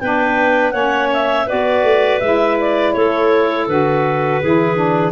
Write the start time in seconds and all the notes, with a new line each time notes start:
0.00 B3 D4 B4 G5
0.71 A#3 C#4 C#5 F#5
1.13 E5
1.47 B3 F#4 B4 D5
1.83 A3
2.20 G#3 E4 E5
2.61 D5
2.93 A3 A4 C#5
3.67 D3 F#4 B4
4.41 E3 E4 G#4
4.76 D4